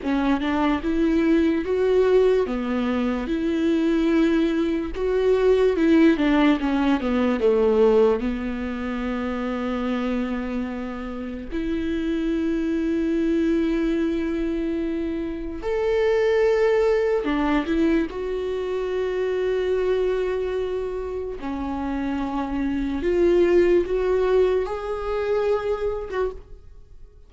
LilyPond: \new Staff \with { instrumentName = "viola" } { \time 4/4 \tempo 4 = 73 cis'8 d'8 e'4 fis'4 b4 | e'2 fis'4 e'8 d'8 | cis'8 b8 a4 b2~ | b2 e'2~ |
e'2. a'4~ | a'4 d'8 e'8 fis'2~ | fis'2 cis'2 | f'4 fis'4 gis'4.~ gis'16 fis'16 | }